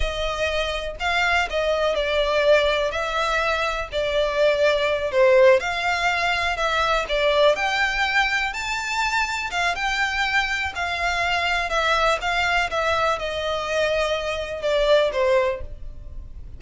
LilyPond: \new Staff \with { instrumentName = "violin" } { \time 4/4 \tempo 4 = 123 dis''2 f''4 dis''4 | d''2 e''2 | d''2~ d''8 c''4 f''8~ | f''4. e''4 d''4 g''8~ |
g''4. a''2 f''8 | g''2 f''2 | e''4 f''4 e''4 dis''4~ | dis''2 d''4 c''4 | }